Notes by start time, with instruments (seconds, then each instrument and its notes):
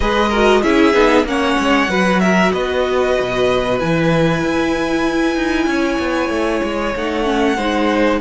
0.00 cello G#3, viola G#4, violin B4 D#5
0.29 viola F#4, violin A#4
0.62 cello C#4, viola E4, violin G#4 E5
0.93 cello B3, viola D#4
1.23 cello A#3, viola C#4, violin F#5
1.29 violin C#5
1.58 cello G#3
1.88 cello F#3, viola F#4, violin B4
2.20 violin A#4 E5
2.52 cello B3, violin B4 D#5
3.20 cello B2
3.78 cello E3, viola E4, violin G#5
4.43 cello E4
5.35 cello D#4
5.66 cello C#4, violin C#5
5.99 cello B3
6.29 cello A3
6.63 cello G#3
6.95 cello A3, viola D#4, violin F#5
7.24 viola C#4
7.56 cello G#3, viola D#4, violin C5